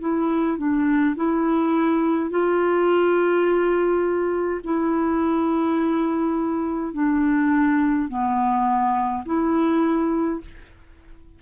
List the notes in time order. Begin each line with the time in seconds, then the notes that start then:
0.00 E4
0.58 D4
1.16 E4
2.30 F4
4.64 E4
6.93 D4
8.09 B3
9.25 E4